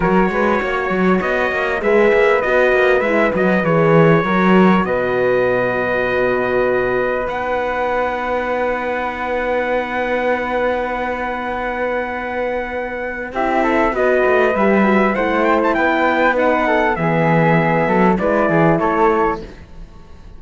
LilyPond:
<<
  \new Staff \with { instrumentName = "trumpet" } { \time 4/4 \tempo 4 = 99 cis''2 dis''4 e''4 | dis''4 e''8 dis''8 cis''2 | dis''1 | fis''1~ |
fis''1~ | fis''2 e''4 dis''4 | e''4 fis''8 g''16 a''16 g''4 fis''4 | e''2 d''4 cis''4 | }
  \new Staff \with { instrumentName = "flute" } { \time 4/4 ais'8 b'8 cis''2 b'4~ | b'2. ais'4 | b'1~ | b'1~ |
b'1~ | b'2 g'8 a'8 b'4~ | b'4 c''4 b'4. a'8 | gis'4. a'8 b'8 gis'8 a'4 | }
  \new Staff \with { instrumentName = "horn" } { \time 4/4 fis'2. gis'4 | fis'4 e'8 fis'8 gis'4 fis'4~ | fis'1 | dis'1~ |
dis'1~ | dis'2 e'4 fis'4 | g'8 fis'8 e'2 dis'4 | b2 e'2 | }
  \new Staff \with { instrumentName = "cello" } { \time 4/4 fis8 gis8 ais8 fis8 b8 ais8 gis8 ais8 | b8 ais8 gis8 fis8 e4 fis4 | b,1 | b1~ |
b1~ | b2 c'4 b8 a8 | g4 a4 b2 | e4. fis8 gis8 e8 a4 | }
>>